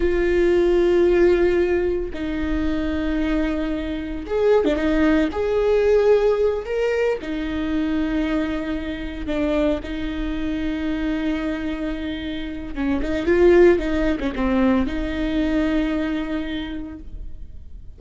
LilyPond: \new Staff \with { instrumentName = "viola" } { \time 4/4 \tempo 4 = 113 f'1 | dis'1 | gis'8. d'16 dis'4 gis'2~ | gis'8 ais'4 dis'2~ dis'8~ |
dis'4. d'4 dis'4.~ | dis'1 | cis'8 dis'8 f'4 dis'8. cis'16 c'4 | dis'1 | }